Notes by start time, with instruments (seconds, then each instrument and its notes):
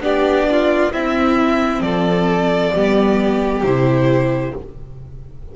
0.00 double bass B3, viola D4, violin G4 D5
0.52 violin F4
0.91 double bass C4, viola C4, violin E4 E5
1.80 double bass F3, violin A4 D5
2.74 double bass G3, viola B3, violin G4
3.64 double bass C3, viola E4, violin C5